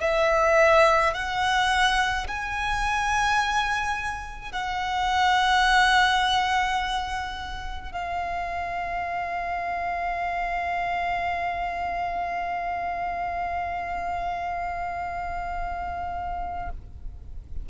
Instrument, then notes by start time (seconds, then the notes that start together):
violin
0.00 E5
1.14 F#5
2.27 G#5
4.52 F#5
7.92 F5